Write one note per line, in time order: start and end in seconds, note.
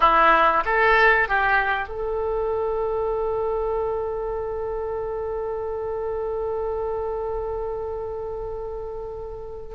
0.00 0.63 E4
0.65 1.28 A4
1.28 1.88 G4
1.88 9.75 A4